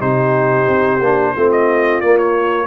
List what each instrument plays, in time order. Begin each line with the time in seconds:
0.00 tuba C3, trombone D#4, horn G4, trumpet C5
0.68 tuba C4
1.01 tuba A#3, trombone D4
1.35 tuba A3, trombone C4, horn F4
1.52 trumpet D#5
2.01 tuba A#3, trombone A#3, trumpet D5
2.18 trumpet C#5